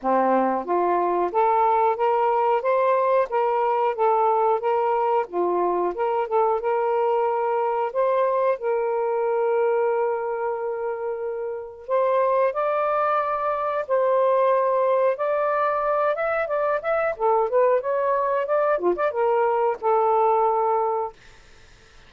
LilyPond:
\new Staff \with { instrumentName = "saxophone" } { \time 4/4 \tempo 4 = 91 c'4 f'4 a'4 ais'4 | c''4 ais'4 a'4 ais'4 | f'4 ais'8 a'8 ais'2 | c''4 ais'2.~ |
ais'2 c''4 d''4~ | d''4 c''2 d''4~ | d''8 e''8 d''8 e''8 a'8 b'8 cis''4 | d''8 f'16 d''16 ais'4 a'2 | }